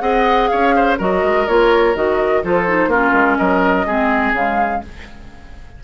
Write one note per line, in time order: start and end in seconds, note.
0.00 0.49 C4
0.00 0.97 G#4
0.00 0.50 D#5
0.00 0.47 F#5
0.47 0.99 C#4
0.47 0.75 C#5
0.47 0.95 F5
0.75 0.98 C5
0.98 1.23 F#3
0.98 1.47 F#4
0.98 2.42 A#4
0.98 1.47 D#5
1.23 1.47 G#3
1.47 1.95 A#3
1.47 1.95 F4
1.47 1.95 C#5
1.95 2.43 D#3
1.95 2.43 F#4
1.95 2.44 D#5
2.43 2.87 F3
2.43 2.67 F4
2.43 2.89 A4
2.43 2.92 C5
2.67 2.91 D#4
2.87 3.11 A#3
2.87 3.87 C#4
2.87 3.37 F4
2.87 3.37 A#4
3.12 3.36 G#3
3.37 3.86 F#3
3.37 3.86 A#4
3.37 4.33 D#5
3.86 4.32 G#3
3.86 4.35 C4
3.86 4.82 G#4
4.32 4.80 C#3
4.32 4.83 G#3
4.32 4.83 F5